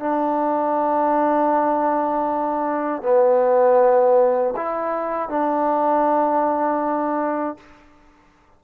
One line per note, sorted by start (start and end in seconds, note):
0.00 3.03 D4
3.03 4.55 B3
4.57 5.30 E4
5.30 7.57 D4